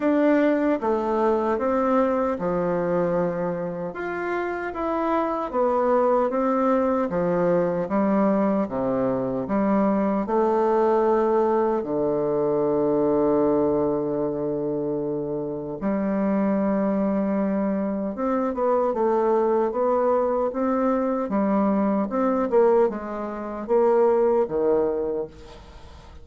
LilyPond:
\new Staff \with { instrumentName = "bassoon" } { \time 4/4 \tempo 4 = 76 d'4 a4 c'4 f4~ | f4 f'4 e'4 b4 | c'4 f4 g4 c4 | g4 a2 d4~ |
d1 | g2. c'8 b8 | a4 b4 c'4 g4 | c'8 ais8 gis4 ais4 dis4 | }